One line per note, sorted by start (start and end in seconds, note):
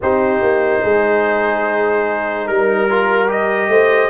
0.02 0.41 C4
0.02 2.89 D#4
0.02 0.82 G4
0.02 2.47 C5
0.41 0.83 A#3
0.82 2.47 G#3
0.82 2.46 G#4
2.46 3.67 G3
2.46 3.69 A#4
2.46 3.29 A#4
2.89 3.27 F4
3.27 4.09 G4
3.27 4.10 D#5
3.67 4.09 A3
3.67 4.10 C5